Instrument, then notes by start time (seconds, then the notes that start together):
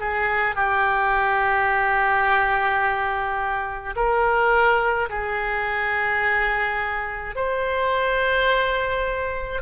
oboe
0.00 G#4
0.56 G4
3.96 A#4
5.09 G#4
7.35 C5